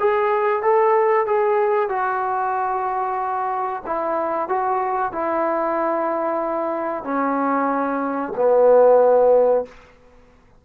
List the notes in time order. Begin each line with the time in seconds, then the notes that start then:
0.00 G#4
0.63 A4
1.26 G#4
1.89 F#4
3.87 E4
4.49 F#4
5.12 E4
7.04 C#4
8.36 B3